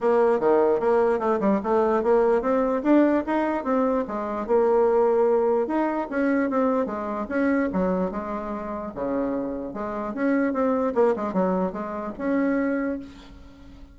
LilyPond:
\new Staff \with { instrumentName = "bassoon" } { \time 4/4 \tempo 4 = 148 ais4 dis4 ais4 a8 g8 | a4 ais4 c'4 d'4 | dis'4 c'4 gis4 ais4~ | ais2 dis'4 cis'4 |
c'4 gis4 cis'4 fis4 | gis2 cis2 | gis4 cis'4 c'4 ais8 gis8 | fis4 gis4 cis'2 | }